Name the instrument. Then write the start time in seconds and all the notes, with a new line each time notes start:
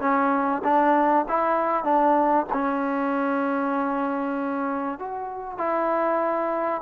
trombone
0.00 C#4
0.64 D4
1.28 E4
1.84 D4
2.53 C#4
4.99 F#4
5.58 E4